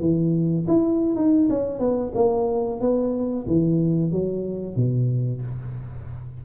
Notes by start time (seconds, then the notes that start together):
0.00 E3
0.67 E4
1.15 D#4
1.49 C#4
1.79 B3
2.14 A#3
2.80 B3
3.46 E3
4.11 F#3
4.76 B2